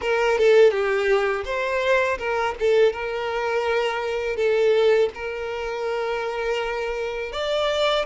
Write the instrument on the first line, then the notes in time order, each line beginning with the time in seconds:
violin
0.01 A#4
0.38 A4
0.71 G4
1.45 C5
2.18 A#4
2.59 A4
2.92 A#4
4.36 A4
5.14 A#4
7.32 D5